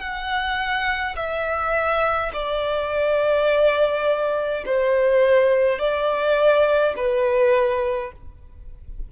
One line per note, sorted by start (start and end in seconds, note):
0.00 1.15 F#5
1.16 2.31 E5
2.33 4.64 D5
4.66 5.79 C5
5.79 6.94 D5
6.97 8.12 B4